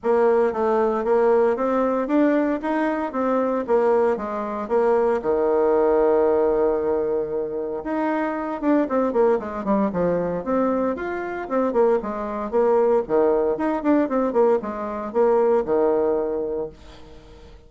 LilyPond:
\new Staff \with { instrumentName = "bassoon" } { \time 4/4 \tempo 4 = 115 ais4 a4 ais4 c'4 | d'4 dis'4 c'4 ais4 | gis4 ais4 dis2~ | dis2. dis'4~ |
dis'8 d'8 c'8 ais8 gis8 g8 f4 | c'4 f'4 c'8 ais8 gis4 | ais4 dis4 dis'8 d'8 c'8 ais8 | gis4 ais4 dis2 | }